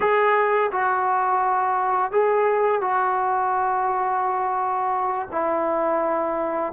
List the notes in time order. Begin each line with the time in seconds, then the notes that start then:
0.00 G#4
0.71 F#4
2.11 G#4
2.81 F#4
5.31 E4